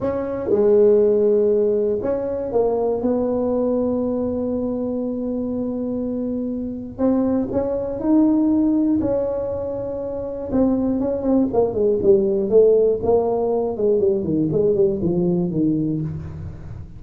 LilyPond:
\new Staff \with { instrumentName = "tuba" } { \time 4/4 \tempo 4 = 120 cis'4 gis2. | cis'4 ais4 b2~ | b1~ | b2 c'4 cis'4 |
dis'2 cis'2~ | cis'4 c'4 cis'8 c'8 ais8 gis8 | g4 a4 ais4. gis8 | g8 dis8 gis8 g8 f4 dis4 | }